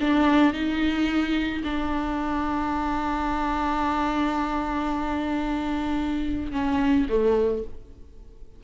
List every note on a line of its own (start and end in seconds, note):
0.00 0.53 D4
0.53 1.62 D#4
1.64 6.52 D4
6.52 7.06 C#4
7.09 7.63 A3